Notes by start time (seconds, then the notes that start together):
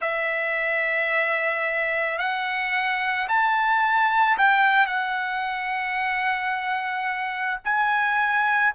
0.01 E5
2.18 F#5
3.28 A5
4.37 G5
4.86 F#5
7.64 G#5